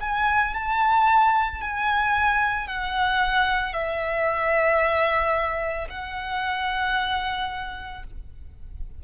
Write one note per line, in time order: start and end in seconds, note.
0.00 0.54 G#5
0.54 1.61 A5
1.61 2.67 G#5
2.67 3.73 F#5
3.73 5.87 E5
5.89 8.03 F#5